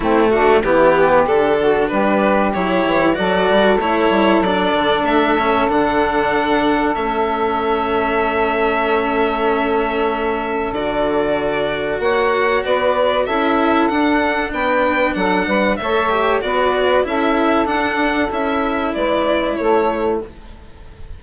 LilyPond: <<
  \new Staff \with { instrumentName = "violin" } { \time 4/4 \tempo 4 = 95 e'8 fis'8 g'4 a'4 b'4 | cis''4 d''4 cis''4 d''4 | e''4 fis''2 e''4~ | e''1~ |
e''4 d''2 fis''4 | d''4 e''4 fis''4 g''4 | fis''4 e''4 d''4 e''4 | fis''4 e''4 d''4 cis''4 | }
  \new Staff \with { instrumentName = "saxophone" } { \time 4/4 c'8 d'8 e'8 g'4 fis'8 g'4~ | g'4 a'2.~ | a'1~ | a'1~ |
a'2. cis''4 | b'4 a'2 b'4 | a'8 b'8 cis''4 b'4 a'4~ | a'2 b'4 a'4 | }
  \new Staff \with { instrumentName = "cello" } { \time 4/4 a4 b4 d'2 | e'4 fis'4 e'4 d'4~ | d'8 cis'8 d'2 cis'4~ | cis'1~ |
cis'4 fis'2.~ | fis'4 e'4 d'2~ | d'4 a'8 g'8 fis'4 e'4 | d'4 e'2. | }
  \new Staff \with { instrumentName = "bassoon" } { \time 4/4 a4 e4 d4 g4 | fis8 e8 fis8 g8 a8 g8 fis8 d8 | a4 d2 a4~ | a1~ |
a4 d2 ais4 | b4 cis'4 d'4 b4 | fis8 g8 a4 b4 cis'4 | d'4 cis'4 gis4 a4 | }
>>